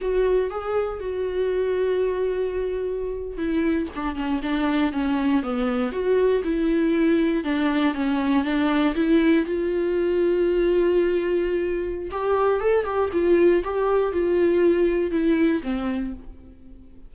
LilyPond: \new Staff \with { instrumentName = "viola" } { \time 4/4 \tempo 4 = 119 fis'4 gis'4 fis'2~ | fis'2~ fis'8. e'4 d'16~ | d'16 cis'8 d'4 cis'4 b4 fis'16~ | fis'8. e'2 d'4 cis'16~ |
cis'8. d'4 e'4 f'4~ f'16~ | f'1 | g'4 a'8 g'8 f'4 g'4 | f'2 e'4 c'4 | }